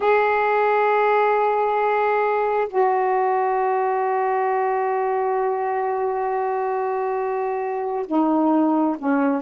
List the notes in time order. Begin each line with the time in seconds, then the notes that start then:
0.00 G#4
2.68 F#4
8.06 D#4
8.98 C#4